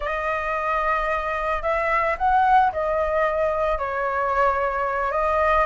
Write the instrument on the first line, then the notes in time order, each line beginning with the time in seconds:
flute
0.00 D#5
1.62 E5
2.17 F#5
2.72 D#5
3.78 C#5
5.11 D#5